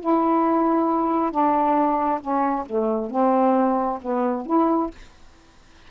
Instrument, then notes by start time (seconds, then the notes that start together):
saxophone
0.00 E4
1.31 D4
2.20 C#4
2.65 A3
3.10 C4
4.01 B3
4.45 E4